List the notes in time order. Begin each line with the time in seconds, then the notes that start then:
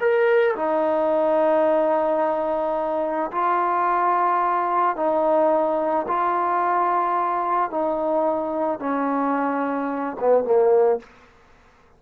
0.00 A#4
0.56 D#4
3.32 F4
4.96 D#4
6.08 F4
7.71 D#4
8.79 C#4
10.20 B3
10.44 A#3